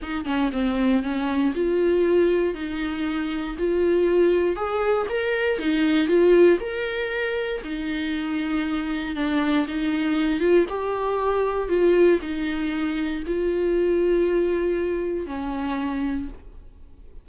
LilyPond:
\new Staff \with { instrumentName = "viola" } { \time 4/4 \tempo 4 = 118 dis'8 cis'8 c'4 cis'4 f'4~ | f'4 dis'2 f'4~ | f'4 gis'4 ais'4 dis'4 | f'4 ais'2 dis'4~ |
dis'2 d'4 dis'4~ | dis'8 f'8 g'2 f'4 | dis'2 f'2~ | f'2 cis'2 | }